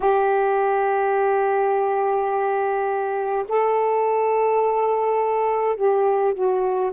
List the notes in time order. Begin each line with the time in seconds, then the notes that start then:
0.00 G4
3.48 A4
5.76 G4
6.34 F#4